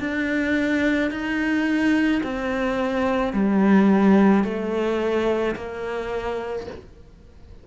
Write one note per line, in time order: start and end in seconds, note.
0.00 1.11 D4
1.11 2.22 D#4
2.24 3.33 C4
3.33 4.44 G3
4.44 5.55 A3
5.56 6.67 A#3